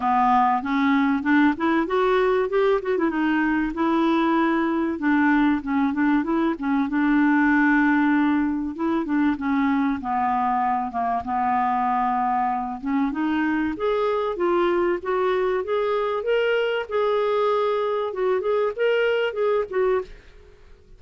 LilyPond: \new Staff \with { instrumentName = "clarinet" } { \time 4/4 \tempo 4 = 96 b4 cis'4 d'8 e'8 fis'4 | g'8 fis'16 e'16 dis'4 e'2 | d'4 cis'8 d'8 e'8 cis'8 d'4~ | d'2 e'8 d'8 cis'4 |
b4. ais8 b2~ | b8 cis'8 dis'4 gis'4 f'4 | fis'4 gis'4 ais'4 gis'4~ | gis'4 fis'8 gis'8 ais'4 gis'8 fis'8 | }